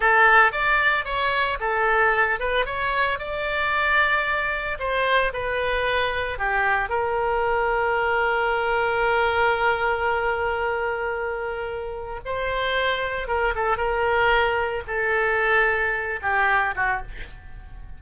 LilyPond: \new Staff \with { instrumentName = "oboe" } { \time 4/4 \tempo 4 = 113 a'4 d''4 cis''4 a'4~ | a'8 b'8 cis''4 d''2~ | d''4 c''4 b'2 | g'4 ais'2.~ |
ais'1~ | ais'2. c''4~ | c''4 ais'8 a'8 ais'2 | a'2~ a'8 g'4 fis'8 | }